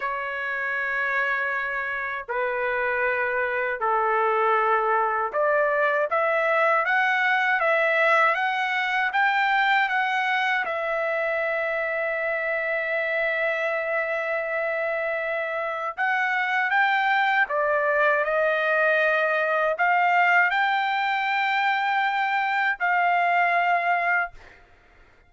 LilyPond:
\new Staff \with { instrumentName = "trumpet" } { \time 4/4 \tempo 4 = 79 cis''2. b'4~ | b'4 a'2 d''4 | e''4 fis''4 e''4 fis''4 | g''4 fis''4 e''2~ |
e''1~ | e''4 fis''4 g''4 d''4 | dis''2 f''4 g''4~ | g''2 f''2 | }